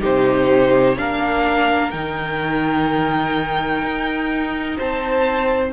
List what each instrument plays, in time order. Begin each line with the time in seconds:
0.00 cello C3, viola D#4, violin G4 C5
0.97 cello A#3, viola D4, violin A#4 F5
1.91 cello D#3, viola D#4, violin G5
3.83 cello D#4
4.77 cello C4, violin C5 A5